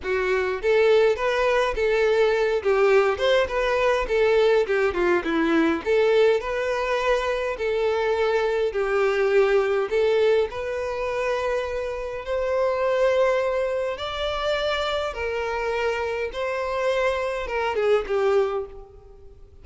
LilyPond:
\new Staff \with { instrumentName = "violin" } { \time 4/4 \tempo 4 = 103 fis'4 a'4 b'4 a'4~ | a'8 g'4 c''8 b'4 a'4 | g'8 f'8 e'4 a'4 b'4~ | b'4 a'2 g'4~ |
g'4 a'4 b'2~ | b'4 c''2. | d''2 ais'2 | c''2 ais'8 gis'8 g'4 | }